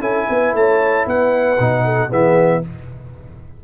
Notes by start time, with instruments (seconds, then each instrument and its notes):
0.00 tuba C#4, trombone E4, horn A4, trumpet G#5
0.29 tuba B3, horn B4
0.53 tuba A3, horn C#5, trumpet A5
1.06 tuba B3, horn B4, trumpet F#5
1.59 tuba B2, trombone D#4
1.84 horn A4
2.09 tuba E3, trombone B3, horn G#4, trumpet E5